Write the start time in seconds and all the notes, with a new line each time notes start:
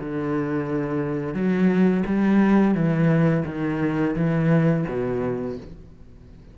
0.00 D3
1.34 F#3
2.06 G3
2.75 E3
3.46 D#3
4.16 E3
4.88 B2